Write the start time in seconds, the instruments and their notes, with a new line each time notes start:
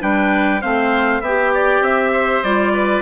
0.00 bassoon G3, clarinet D4, oboe B4, trumpet G5
0.62 bassoon A3, clarinet C4, oboe C5, trumpet F5
1.21 bassoon B3, oboe G4, trumpet E5
1.28 clarinet G4
1.54 trumpet D5
1.81 bassoon C4, trumpet E5
2.12 oboe C5
2.44 bassoon G3, clarinet F4, trumpet D5
2.73 oboe B4